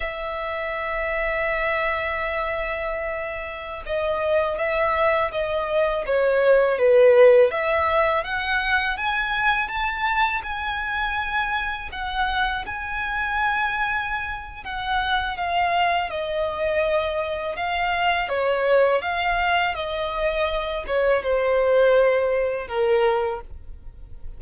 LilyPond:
\new Staff \with { instrumentName = "violin" } { \time 4/4 \tempo 4 = 82 e''1~ | e''4~ e''16 dis''4 e''4 dis''8.~ | dis''16 cis''4 b'4 e''4 fis''8.~ | fis''16 gis''4 a''4 gis''4.~ gis''16~ |
gis''16 fis''4 gis''2~ gis''8. | fis''4 f''4 dis''2 | f''4 cis''4 f''4 dis''4~ | dis''8 cis''8 c''2 ais'4 | }